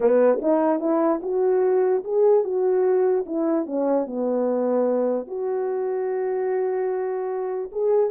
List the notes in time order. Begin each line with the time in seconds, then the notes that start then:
0.00 B3
0.41 D#4
0.80 E4
1.22 F#4
2.04 G#4
2.43 F#4
3.25 E4
3.66 C#4
4.06 B3
5.27 F#4
7.72 G#4